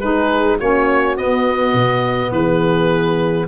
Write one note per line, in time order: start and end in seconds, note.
0.00 0.59 G#3
0.00 0.60 D#4
0.00 0.58 G#4
0.00 0.58 B4
0.58 1.17 A#3
0.58 1.17 C#4
0.58 2.31 F#4
0.58 1.17 C#5
1.17 3.47 B3
1.17 1.73 B3
1.17 2.31 D#5
1.73 2.31 B2
2.31 3.47 E3
2.31 3.48 G#4
2.31 3.47 B4